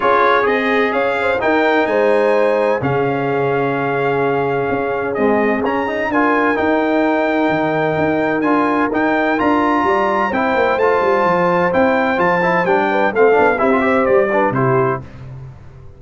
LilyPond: <<
  \new Staff \with { instrumentName = "trumpet" } { \time 4/4 \tempo 4 = 128 cis''4 dis''4 f''4 g''4 | gis''2 f''2~ | f''2. dis''4 | ais''4 gis''4 g''2~ |
g''2 gis''4 g''4 | ais''2 g''4 a''4~ | a''4 g''4 a''4 g''4 | f''4 e''4 d''4 c''4 | }
  \new Staff \with { instrumentName = "horn" } { \time 4/4 gis'2 cis''8 c''8 ais'4 | c''2 gis'2~ | gis'1~ | gis'4 ais'2.~ |
ais'1~ | ais'4 d''4 c''2~ | c''2.~ c''8 b'8 | a'4 g'8 c''4 b'8 g'4 | }
  \new Staff \with { instrumentName = "trombone" } { \time 4/4 f'4 gis'2 dis'4~ | dis'2 cis'2~ | cis'2. gis4 | cis'8 dis'8 f'4 dis'2~ |
dis'2 f'4 dis'4 | f'2 e'4 f'4~ | f'4 e'4 f'8 e'8 d'4 | c'8 d'8 e'16 f'16 g'4 d'8 e'4 | }
  \new Staff \with { instrumentName = "tuba" } { \time 4/4 cis'4 c'4 cis'4 dis'4 | gis2 cis2~ | cis2 cis'4 c'4 | cis'4 d'4 dis'2 |
dis4 dis'4 d'4 dis'4 | d'4 g4 c'8 ais8 a8 g8 | f4 c'4 f4 g4 | a8 b8 c'4 g4 c4 | }
>>